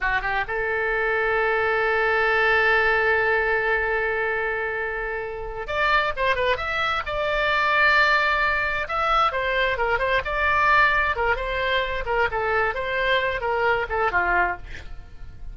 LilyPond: \new Staff \with { instrumentName = "oboe" } { \time 4/4 \tempo 4 = 132 fis'8 g'8 a'2.~ | a'1~ | a'1~ | a'8 d''4 c''8 b'8 e''4 d''8~ |
d''2.~ d''8 e''8~ | e''8 c''4 ais'8 c''8 d''4.~ | d''8 ais'8 c''4. ais'8 a'4 | c''4. ais'4 a'8 f'4 | }